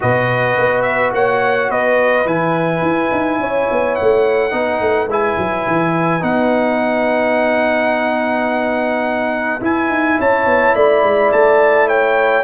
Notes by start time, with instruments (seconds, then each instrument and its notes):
0.00 tuba B2, trombone F#4, horn B4, trumpet D#5
0.57 tuba B3
0.82 trumpet E5
1.12 tuba A#3, horn C#5, trumpet F#5
1.69 tuba B3, horn B4, trumpet D#5
2.25 tuba E3, trombone E4, trumpet G#5
2.81 tuba E4
3.12 tuba D#4
3.38 tuba C#4, horn C#5
3.70 tuba B3
3.95 trumpet F#5
4.01 tuba A3
4.50 tuba B3, trombone D#4, horn B4
4.80 tuba A3
5.07 tuba G#3, trombone E4, trumpet G#5
5.37 tuba F#3
5.67 tuba E3
6.20 tuba B3, trombone D#4, trumpet F#5
9.60 trombone E4, tuba E4, trumpet G#5
9.89 tuba D#4
10.19 tuba C#4, horn C#5, trumpet A5
10.45 tuba B3
10.75 tuba A3, horn D5, trumpet B5
11.03 tuba G#3
11.32 tuba A3, trumpet A5
11.88 horn C#5, trumpet G5